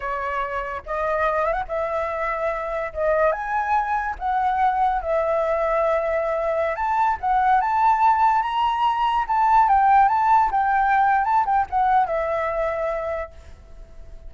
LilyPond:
\new Staff \with { instrumentName = "flute" } { \time 4/4 \tempo 4 = 144 cis''2 dis''4. e''16 fis''16 | e''2. dis''4 | gis''2 fis''2 | e''1~ |
e''16 a''4 fis''4 a''4.~ a''16~ | a''16 ais''2 a''4 g''8.~ | g''16 a''4 g''4.~ g''16 a''8 g''8 | fis''4 e''2. | }